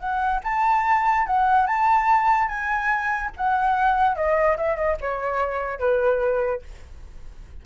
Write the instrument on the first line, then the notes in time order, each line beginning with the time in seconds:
flute
0.00 F#5
0.44 A5
1.27 F#5
1.67 A5
2.48 G#5
3.37 F#5
4.16 D#5
4.58 E5
4.77 D#5
5.01 C#5
5.80 B4